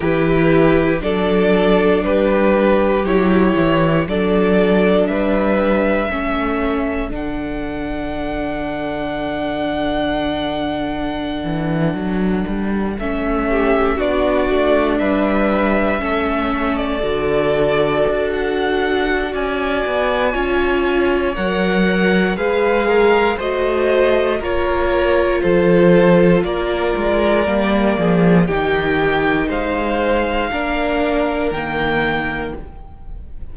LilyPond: <<
  \new Staff \with { instrumentName = "violin" } { \time 4/4 \tempo 4 = 59 b'4 d''4 b'4 cis''4 | d''4 e''2 fis''4~ | fis''1~ | fis''8. e''4 d''4 e''4~ e''16~ |
e''8 d''4. fis''4 gis''4~ | gis''4 fis''4 f''4 dis''4 | cis''4 c''4 d''2 | g''4 f''2 g''4 | }
  \new Staff \with { instrumentName = "violin" } { \time 4/4 g'4 a'4 g'2 | a'4 b'4 a'2~ | a'1~ | a'4~ a'16 g'8 fis'4 b'4 a'16~ |
a'2. d''4 | cis''2 b'8 ais'8 c''4 | ais'4 a'4 ais'4. gis'8 | g'4 c''4 ais'2 | }
  \new Staff \with { instrumentName = "viola" } { \time 4/4 e'4 d'2 e'4 | d'2 cis'4 d'4~ | d'1~ | d'8. cis'4 d'2 cis'16~ |
cis'8. fis'2.~ fis'16 | f'4 ais'4 gis'4 fis'4 | f'2. ais4 | dis'2 d'4 ais4 | }
  \new Staff \with { instrumentName = "cello" } { \time 4/4 e4 fis4 g4 fis8 e8 | fis4 g4 a4 d4~ | d2.~ d16 e8 fis16~ | fis16 g8 a4 b8 a8 g4 a16~ |
a8. d4 d'4~ d'16 cis'8 b8 | cis'4 fis4 gis4 a4 | ais4 f4 ais8 gis8 g8 f8 | dis4 gis4 ais4 dis4 | }
>>